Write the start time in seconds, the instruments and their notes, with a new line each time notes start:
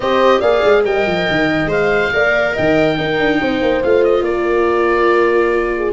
0.00 tuba C4, viola G4, horn C5, oboe D#5
0.39 tuba A#3, viola G#4, horn D5, oboe F5
0.64 tuba G#3
0.84 tuba G3, viola A#4, horn D#5, oboe G5
1.06 tuba F3
1.30 tuba D#3
1.65 tuba G#3, viola C5
1.71 oboe F5
2.13 tuba A#3, viola A#4, horn D5
2.54 tuba D#3, horn D#5, oboe G5
2.96 viola D#4, tuba D#4, horn A#4
3.19 tuba D4
3.40 tuba C4, horn C5
3.61 tuba A#3
3.83 tuba A3, viola F4, oboe F5
4.04 oboe D#5
4.21 tuba A#3, horn A#4, oboe D5
5.75 horn G#4